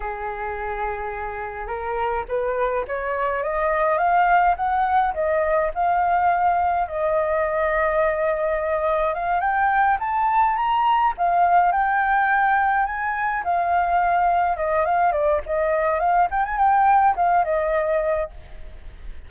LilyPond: \new Staff \with { instrumentName = "flute" } { \time 4/4 \tempo 4 = 105 gis'2. ais'4 | b'4 cis''4 dis''4 f''4 | fis''4 dis''4 f''2 | dis''1 |
f''8 g''4 a''4 ais''4 f''8~ | f''8 g''2 gis''4 f''8~ | f''4. dis''8 f''8 d''8 dis''4 | f''8 g''16 gis''16 g''4 f''8 dis''4. | }